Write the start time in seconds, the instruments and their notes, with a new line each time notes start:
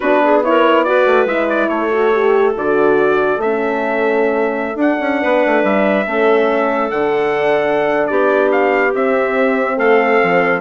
0.00 bassoon B3, horn D4, clarinet F#4, trumpet B4
0.23 clarinet G#4
0.43 horn E4, clarinet A#4, trumpet C#5
0.83 horn F#4, clarinet B4, trumpet D5
1.06 bassoon A3
1.25 bassoon G#3, horn E4, trumpet E5
1.49 trumpet D5
1.68 bassoon A3, clarinet A4, trumpet C#5
1.91 horn F#4
2.12 horn G4
2.56 bassoon D3, horn F#4, trumpet D5
3.37 bassoon A3, horn C#4, trumpet E5
4.75 bassoon D4, horn D4, trumpet F#5
5.00 bassoon C#4
5.20 bassoon B3, clarinet B4
5.45 bassoon A3
5.63 bassoon G3, trumpet E5
6.05 bassoon A3, horn C#4, clarinet A4
6.90 bassoon D3, horn D4, trumpet F#5
8.06 bassoon B3, clarinet G4, trumpet D5
8.51 trumpet F5
8.94 bassoon C4, horn C4, trumpet E5
9.77 bassoon A3, clarinet A4, trumpet F5
10.23 bassoon F3